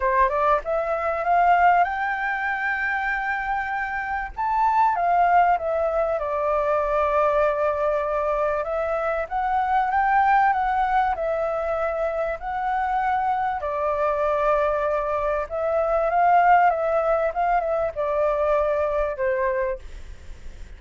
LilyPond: \new Staff \with { instrumentName = "flute" } { \time 4/4 \tempo 4 = 97 c''8 d''8 e''4 f''4 g''4~ | g''2. a''4 | f''4 e''4 d''2~ | d''2 e''4 fis''4 |
g''4 fis''4 e''2 | fis''2 d''2~ | d''4 e''4 f''4 e''4 | f''8 e''8 d''2 c''4 | }